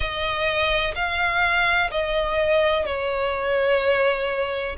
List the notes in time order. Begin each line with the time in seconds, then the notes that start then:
0.00 D#5
0.95 F5
1.90 D#5
2.85 C#5